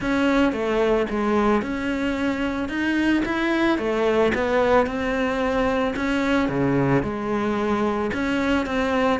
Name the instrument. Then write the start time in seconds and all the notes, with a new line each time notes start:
cello
0.00 C#4
0.52 A3
1.10 G#3
1.61 C#4
2.68 D#4
3.25 E4
3.78 A3
4.34 B3
4.86 C4
5.96 C#4
6.48 C#3
7.02 G#3
8.13 C#4
8.66 C4